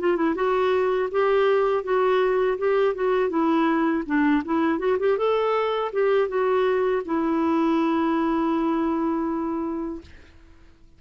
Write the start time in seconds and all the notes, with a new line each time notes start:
0.00 F4
0.16 E4
0.35 F#4
1.11 G4
1.84 F#4
2.58 G4
2.95 F#4
3.30 E4
4.06 D4
4.45 E4
4.79 F#4
4.99 G4
5.17 A4
5.93 G4
6.28 F#4
7.05 E4